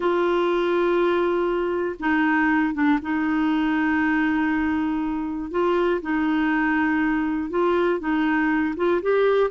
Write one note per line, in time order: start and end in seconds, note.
0.00 1.96 F4
1.99 2.74 D#4
2.74 2.99 D4
3.02 5.50 D#4
5.50 6.00 F4
6.01 7.50 D#4
7.50 7.99 F4
7.99 8.74 D#4
8.76 9.01 F4
9.02 9.50 G4